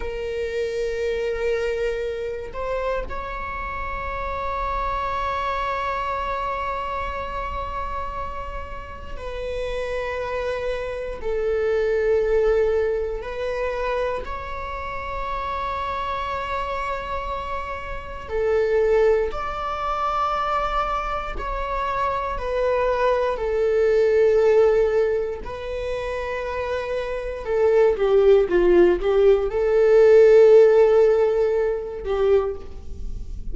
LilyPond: \new Staff \with { instrumentName = "viola" } { \time 4/4 \tempo 4 = 59 ais'2~ ais'8 c''8 cis''4~ | cis''1~ | cis''4 b'2 a'4~ | a'4 b'4 cis''2~ |
cis''2 a'4 d''4~ | d''4 cis''4 b'4 a'4~ | a'4 b'2 a'8 g'8 | f'8 g'8 a'2~ a'8 g'8 | }